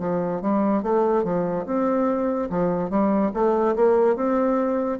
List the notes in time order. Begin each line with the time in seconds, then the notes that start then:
0.00 F3
0.42 G3
0.83 A3
1.24 F3
1.66 C4
2.50 F3
2.90 G3
3.34 A3
3.76 A#3
4.16 C4